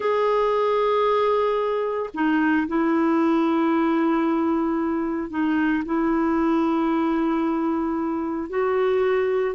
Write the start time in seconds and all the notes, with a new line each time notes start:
0.00 G#4
2.14 D#4
2.67 E4
5.30 D#4
5.85 E4
8.49 F#4